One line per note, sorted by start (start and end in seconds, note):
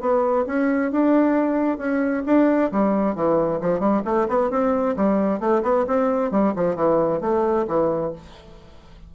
0.00 0.45 B3
0.46 0.91 C#4
0.91 1.78 D4
1.78 2.23 C#4
2.26 2.71 D4
2.71 3.15 G3
3.15 3.60 E3
3.61 3.79 F3
3.79 4.02 G3
4.05 4.27 A3
4.28 4.50 B3
4.50 4.95 C4
4.96 5.40 G3
5.40 5.62 A3
5.63 5.85 B3
5.87 6.31 C4
6.31 6.54 G3
6.56 6.75 F3
6.75 7.21 E3
7.21 7.66 A3
7.67 8.12 E3